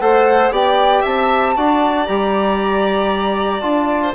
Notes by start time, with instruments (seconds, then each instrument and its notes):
0.00 bassoon A3, trombone A4, violin C5, flute F#5
0.51 bassoon B3, trombone G4, violin D5, flute G5
1.01 bassoon C4, violin E5, flute A5
1.56 bassoon D4, trombone F#4, violin D5
2.06 bassoon G3, trombone G4, flute A#5
3.60 bassoon D4, trombone F4, flute A5
4.02 violin C5